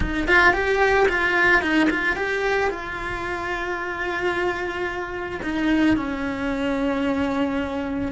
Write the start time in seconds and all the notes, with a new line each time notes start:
0.00 D#4
0.27 F4
0.53 G4
1.08 F4
1.61 D#4
1.90 F4
2.16 G4
2.70 F4
5.43 D#4
5.96 C#4